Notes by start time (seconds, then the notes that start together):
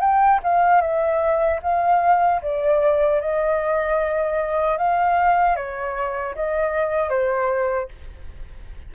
0.00 G5
0.43 F5
0.81 E5
1.62 F5
2.42 D5
3.20 D#5
4.77 F5
5.56 C#5
6.35 D#5
7.09 C5